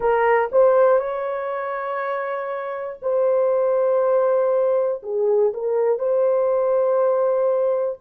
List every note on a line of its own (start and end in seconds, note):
0.00 0.50 A#4
0.52 0.99 C5
0.99 2.99 C#5
3.02 5.02 C5
5.02 5.52 G#4
5.53 5.99 A#4
5.99 7.99 C5